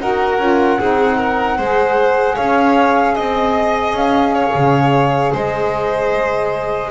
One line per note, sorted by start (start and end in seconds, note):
0.00 0.39 D#4
0.00 0.40 F#4
0.00 0.80 A#4
0.00 2.36 F#5
0.39 0.78 C#4
0.39 0.79 F4
0.80 1.58 C4
0.80 1.59 D#4
0.80 1.18 G#4
1.18 1.57 A#4
1.57 2.37 G#3
1.57 6.91 G#4
1.57 2.36 C5
2.36 3.17 C#4
2.36 3.14 C#5
2.36 3.15 F5
3.15 3.94 C4
3.15 3.94 D#5
3.15 4.34 D#5
3.94 4.53 C#4
3.94 5.34 F5
4.34 5.33 C#5
4.54 5.33 C#3
5.33 6.91 G#3
5.33 6.91 C5
5.33 6.91 D#5